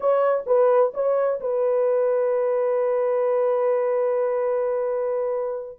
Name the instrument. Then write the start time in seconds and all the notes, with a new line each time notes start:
horn
0.00 C#5
0.46 B4
0.94 C#5
1.40 B4